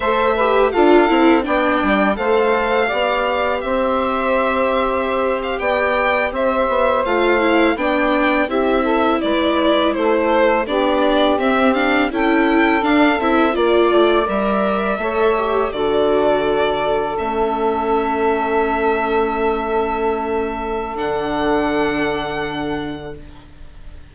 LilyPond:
<<
  \new Staff \with { instrumentName = "violin" } { \time 4/4 \tempo 4 = 83 e''4 f''4 g''4 f''4~ | f''4 e''2~ e''8 f''16 g''16~ | g''8. e''4 f''4 g''4 e''16~ | e''8. d''4 c''4 d''4 e''16~ |
e''16 f''8 g''4 f''8 e''8 d''4 e''16~ | e''4.~ e''16 d''2 e''16~ | e''1~ | e''4 fis''2. | }
  \new Staff \with { instrumentName = "saxophone" } { \time 4/4 c''8 b'8 a'4 d''4 c''4 | d''4 c''2~ c''8. d''16~ | d''8. c''2 d''4 g'16~ | g'16 a'8 b'4 a'4 g'4~ g'16~ |
g'8. a'2 d''4~ d''16~ | d''8. cis''4 a'2~ a'16~ | a'1~ | a'1 | }
  \new Staff \with { instrumentName = "viola" } { \time 4/4 a'8 g'8 f'8 e'8 d'4 a'4 | g'1~ | g'4.~ g'16 f'8 e'8 d'4 e'16~ | e'2~ e'8. d'4 c'16~ |
c'16 d'8 e'4 d'8 e'8 f'4 ais'16~ | ais'8. a'8 g'8 fis'2 cis'16~ | cis'1~ | cis'4 d'2. | }
  \new Staff \with { instrumentName = "bassoon" } { \time 4/4 a4 d'8 c'8 b8 g8 a4 | b4 c'2~ c'8. b16~ | b8. c'8 b8 a4 b4 c'16~ | c'8. gis4 a4 b4 c'16~ |
c'8. cis'4 d'8 c'8 ais8 a8 g16~ | g8. a4 d2 a16~ | a1~ | a4 d2. | }
>>